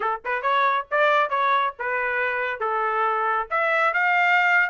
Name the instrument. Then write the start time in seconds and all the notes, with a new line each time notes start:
trumpet
0.00 A4
0.24 B4
0.42 C#5
0.90 D5
1.29 C#5
1.79 B4
2.60 A4
3.50 E5
3.93 F5